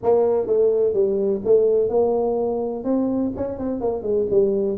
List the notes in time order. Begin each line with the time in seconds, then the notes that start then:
0.03 A#3
0.47 A3
0.93 G3
1.45 A3
1.89 A#3
2.84 C4
3.36 C#4
3.58 C4
3.81 A#3
4.02 G#3
4.30 G3